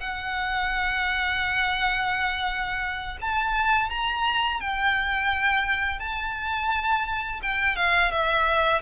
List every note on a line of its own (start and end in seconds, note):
0.00 3.18 F#5
3.21 3.90 A5
3.90 4.60 A#5
4.61 5.99 G5
5.99 7.41 A5
7.42 7.76 G5
7.76 8.11 F5
8.11 8.82 E5